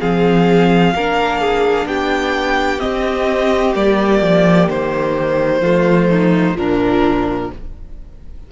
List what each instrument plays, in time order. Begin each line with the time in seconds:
0.00 cello F3, viola C4, violin G#4 F5
0.94 cello A#3, viola D4, violin A#4
1.40 violin G#4
1.86 cello B3, violin G4 G5
2.78 viola C4, violin D#5
2.85 cello C4
3.74 cello G3, viola A#3, violin D5
4.22 cello F3
4.69 cello D#3, violin C5
5.61 cello F3, viola A3, violin F4
6.10 violin D#4
6.55 cello A#2, viola F3, violin D4 A#4